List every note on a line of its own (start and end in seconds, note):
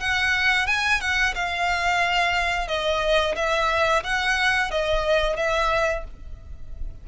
0.00 0.67 F#5
0.67 1.01 G#5
1.01 1.35 F#5
1.35 2.68 F5
2.68 3.35 D#5
3.36 4.03 E5
4.04 4.71 F#5
4.71 5.37 D#5
5.37 6.04 E5